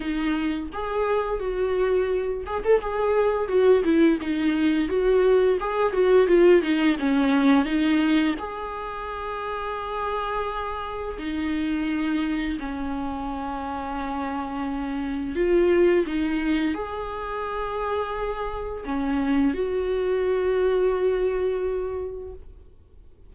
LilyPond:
\new Staff \with { instrumentName = "viola" } { \time 4/4 \tempo 4 = 86 dis'4 gis'4 fis'4. gis'16 a'16 | gis'4 fis'8 e'8 dis'4 fis'4 | gis'8 fis'8 f'8 dis'8 cis'4 dis'4 | gis'1 |
dis'2 cis'2~ | cis'2 f'4 dis'4 | gis'2. cis'4 | fis'1 | }